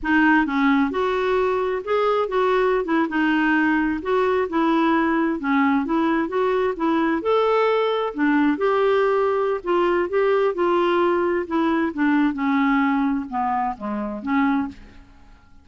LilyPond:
\new Staff \with { instrumentName = "clarinet" } { \time 4/4 \tempo 4 = 131 dis'4 cis'4 fis'2 | gis'4 fis'4~ fis'16 e'8 dis'4~ dis'16~ | dis'8. fis'4 e'2 cis'16~ | cis'8. e'4 fis'4 e'4 a'16~ |
a'4.~ a'16 d'4 g'4~ g'16~ | g'4 f'4 g'4 f'4~ | f'4 e'4 d'4 cis'4~ | cis'4 b4 gis4 cis'4 | }